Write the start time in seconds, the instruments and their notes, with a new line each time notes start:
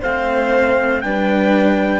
0.00 cello A3 C4, violin C5, trumpet F5
1.01 cello G3 D4, violin B4, trumpet G5